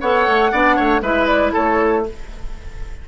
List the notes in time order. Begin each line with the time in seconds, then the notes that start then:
0.00 B3 A4 C#5 F#5
0.27 A3
0.51 B3 D4 D5
0.76 A3 C#5
1.01 G#3 E4 B4 E5
1.26 D5
1.52 A3 A4 C#5